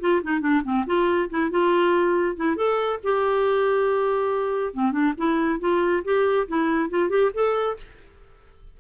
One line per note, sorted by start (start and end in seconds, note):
0.00 0.22 F4
0.23 0.41 D#4
0.41 0.62 D4
0.64 0.85 C4
0.86 1.29 F4
1.30 1.50 E4
1.50 2.36 F4
2.36 2.56 E4
2.56 2.99 A4
3.03 4.74 G4
4.74 4.92 C4
4.92 5.13 D4
5.17 5.60 E4
5.60 6.03 F4
6.04 6.47 G4
6.48 6.90 E4
6.90 7.09 F4
7.09 7.31 G4
7.34 7.77 A4